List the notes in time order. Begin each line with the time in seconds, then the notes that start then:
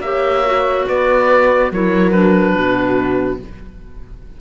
0.00 A#3 G4 C#5 E5
0.46 F#4
0.87 B3 B4 D5
1.71 F#3 E4 A#4 C#5
2.12 D4 B4
2.56 B2 F#4